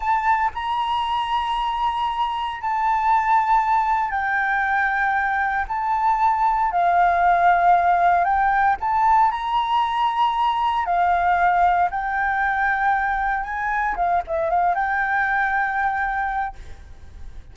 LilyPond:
\new Staff \with { instrumentName = "flute" } { \time 4/4 \tempo 4 = 116 a''4 ais''2.~ | ais''4 a''2. | g''2. a''4~ | a''4 f''2. |
g''4 a''4 ais''2~ | ais''4 f''2 g''4~ | g''2 gis''4 f''8 e''8 | f''8 g''2.~ g''8 | }